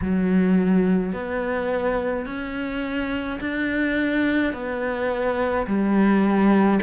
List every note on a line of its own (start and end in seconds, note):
0.01 1.12 F#3
1.12 2.25 B3
2.25 3.39 C#4
3.40 4.53 D4
4.53 5.66 B3
5.66 6.79 G3